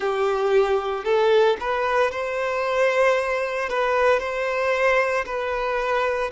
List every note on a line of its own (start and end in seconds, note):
0.00 1.04 G4
1.04 1.56 A4
1.59 2.11 B4
2.11 3.69 C5
3.69 4.19 B4
4.19 5.24 C5
5.25 6.31 B4